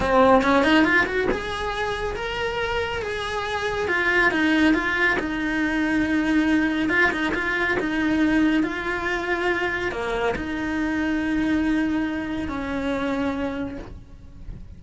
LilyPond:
\new Staff \with { instrumentName = "cello" } { \time 4/4 \tempo 4 = 139 c'4 cis'8 dis'8 f'8 fis'8 gis'4~ | gis'4 ais'2 gis'4~ | gis'4 f'4 dis'4 f'4 | dis'1 |
f'8 dis'8 f'4 dis'2 | f'2. ais4 | dis'1~ | dis'4 cis'2. | }